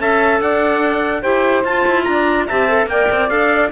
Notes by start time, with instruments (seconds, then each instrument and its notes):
0.00 cello C#4, clarinet A4, saxophone E5, trumpet A5
0.41 cello D4, saxophone D5, trumpet F#5
1.21 cello E4, clarinet G4, saxophone C5, trumpet G5
1.65 cello F4, clarinet F4, trumpet A5
1.87 cello E4
2.04 cello D4, trumpet A#5
2.12 saxophone D5
2.47 cello C4, clarinet G4, saxophone E5, trumpet A5
2.69 clarinet A4
2.86 cello A#3, clarinet A#4, saxophone D5, trumpet G5
3.12 cello C4
3.29 cello D4, clarinet A4, trumpet F5